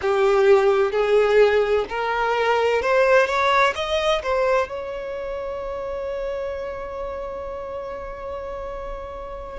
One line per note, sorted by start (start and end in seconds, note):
0.01 0.91 G4
0.91 1.85 G#4
1.89 2.82 A#4
2.82 3.26 C5
3.26 3.73 C#5
3.75 4.22 D#5
4.22 4.69 C5
4.69 9.59 C#5